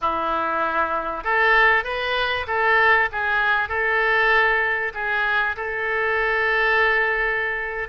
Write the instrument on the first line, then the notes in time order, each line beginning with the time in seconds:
oboe
0.01 E4
1.24 A4
1.84 B4
2.47 A4
3.12 G#4
3.69 A4
4.93 G#4
5.56 A4